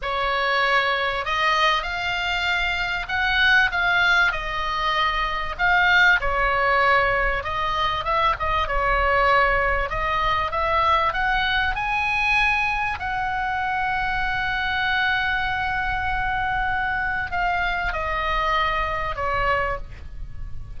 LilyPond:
\new Staff \with { instrumentName = "oboe" } { \time 4/4 \tempo 4 = 97 cis''2 dis''4 f''4~ | f''4 fis''4 f''4 dis''4~ | dis''4 f''4 cis''2 | dis''4 e''8 dis''8 cis''2 |
dis''4 e''4 fis''4 gis''4~ | gis''4 fis''2.~ | fis''1 | f''4 dis''2 cis''4 | }